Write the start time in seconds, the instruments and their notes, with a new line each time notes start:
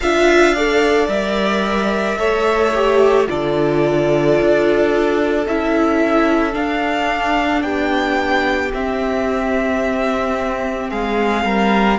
0.00 cello D4, viola F4, violin E5 F5
0.54 viola A4, violin D5
1.08 cello G3, viola A#4, violin E5
2.17 cello A3, viola A4, violin C#5
2.74 viola G4
3.26 cello D3, viola F4, violin A4 D5
4.40 cello D4
5.45 cello C#4, viola E4, violin E5
6.52 viola D4, cello D4, violin F5
7.62 cello B3, violin G4 G5
8.73 cello C4, viola C4, violin E5
10.90 cello G#3, violin G#4 F5
11.44 cello G3, violin A#4